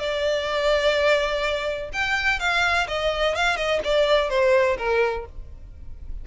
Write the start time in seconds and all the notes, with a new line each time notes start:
0.00 D5
1.94 G5
2.40 F5
2.88 D#5
3.36 F5
3.57 D#5
3.85 D5
4.30 C5
4.78 A#4